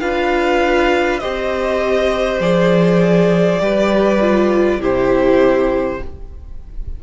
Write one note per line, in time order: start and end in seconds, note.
0.00 1.21 D4
0.00 1.20 F4
0.00 1.20 B4
0.00 1.19 F5
1.19 2.40 C4
1.19 2.41 G4
1.19 3.60 C5
1.19 2.39 D#5
2.40 3.60 F3
2.40 3.60 G#4
2.40 4.81 D5
3.60 4.78 G3
3.60 4.20 G4
3.60 4.80 B4
4.21 4.80 F4
4.78 5.98 C3
4.78 6.00 E4
4.78 6.00 G4
4.78 6.03 C5